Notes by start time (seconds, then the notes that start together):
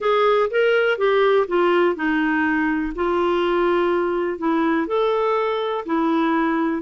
0.00 G#4
0.50 A#4
0.98 G4
1.47 F4
1.95 D#4
2.95 F4
4.38 E4
4.87 A4
5.85 E4